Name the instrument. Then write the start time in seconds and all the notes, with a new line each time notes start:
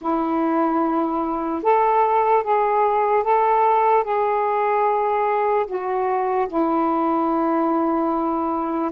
saxophone
0.01 E4
1.62 A4
2.43 G#4
3.23 A4
4.03 G#4
5.66 F#4
6.48 E4